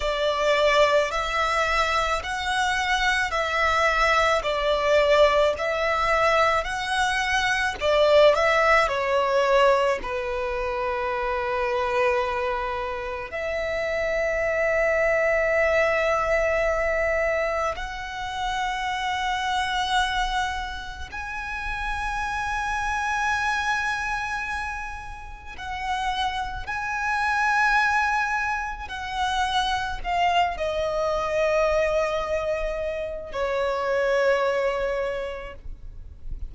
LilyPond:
\new Staff \with { instrumentName = "violin" } { \time 4/4 \tempo 4 = 54 d''4 e''4 fis''4 e''4 | d''4 e''4 fis''4 d''8 e''8 | cis''4 b'2. | e''1 |
fis''2. gis''4~ | gis''2. fis''4 | gis''2 fis''4 f''8 dis''8~ | dis''2 cis''2 | }